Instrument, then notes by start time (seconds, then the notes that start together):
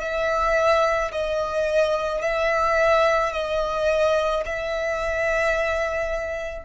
violin
0.00 E5
1.12 D#5
2.21 E5
3.32 D#5
4.45 E5